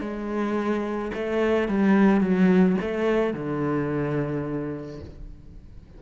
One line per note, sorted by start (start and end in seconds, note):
0.00 1.11 G#3
1.13 1.68 A3
1.68 2.20 G3
2.20 2.76 F#3
2.81 3.33 A3
3.33 5.00 D3